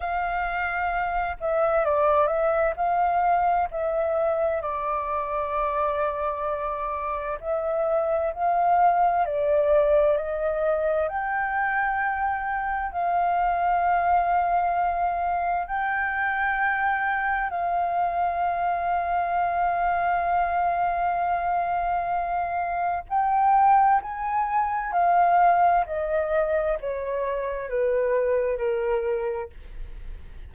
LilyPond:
\new Staff \with { instrumentName = "flute" } { \time 4/4 \tempo 4 = 65 f''4. e''8 d''8 e''8 f''4 | e''4 d''2. | e''4 f''4 d''4 dis''4 | g''2 f''2~ |
f''4 g''2 f''4~ | f''1~ | f''4 g''4 gis''4 f''4 | dis''4 cis''4 b'4 ais'4 | }